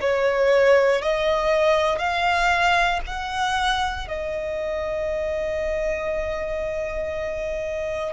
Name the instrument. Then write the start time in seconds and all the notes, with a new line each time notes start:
violin
0.00 C#5
1.01 D#5
1.98 F5
3.06 F#5
4.07 D#5